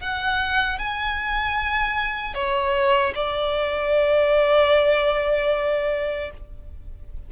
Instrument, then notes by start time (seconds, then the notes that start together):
violin
0.00 F#5
0.79 G#5
2.34 C#5
3.15 D5